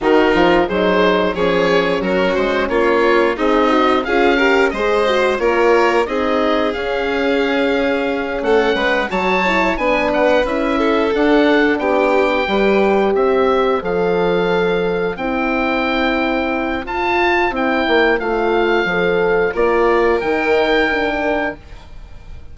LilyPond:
<<
  \new Staff \with { instrumentName = "oboe" } { \time 4/4 \tempo 4 = 89 ais'4 c''4 cis''4 ais'8 c''8 | cis''4 dis''4 f''4 dis''4 | cis''4 dis''4 f''2~ | f''8 fis''4 a''4 gis''8 fis''8 e''8~ |
e''8 fis''4 g''2 e''8~ | e''8 f''2 g''4.~ | g''4 a''4 g''4 f''4~ | f''4 d''4 g''2 | }
  \new Staff \with { instrumentName = "violin" } { \time 4/4 dis'4 gis4 gis'4 fis'4 | f'4 dis'4 gis'8 ais'8 c''4 | ais'4 gis'2.~ | gis'8 a'8 b'8 cis''4 b'4. |
a'4. g'4 b'4 c''8~ | c''1~ | c''1~ | c''4 ais'2. | }
  \new Staff \with { instrumentName = "horn" } { \time 4/4 fis'8 f'8 dis'4 cis'2~ | cis'4 gis'8 fis'8 f'8 g'8 gis'8 fis'8 | f'4 dis'4 cis'2~ | cis'4. fis'8 e'8 d'4 e'8~ |
e'8 d'2 g'4.~ | g'8 a'2 e'4.~ | e'4 f'4 e'4 f'4 | a'4 f'4 dis'4 d'4 | }
  \new Staff \with { instrumentName = "bassoon" } { \time 4/4 dis8 f8 fis4 f4 fis8 gis8 | ais4 c'4 cis'4 gis4 | ais4 c'4 cis'2~ | cis'8 a8 gis8 fis4 b4 cis'8~ |
cis'8 d'4 b4 g4 c'8~ | c'8 f2 c'4.~ | c'4 f'4 c'8 ais8 a4 | f4 ais4 dis2 | }
>>